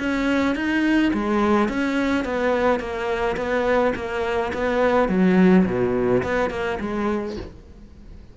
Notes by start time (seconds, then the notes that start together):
0.00 C#4
0.56 D#4
1.14 G#3
1.69 C#4
2.25 B3
2.80 A#3
3.37 B3
3.96 A#3
4.54 B3
5.09 F#3
5.66 B2
6.23 B3
6.50 A#3
6.80 G#3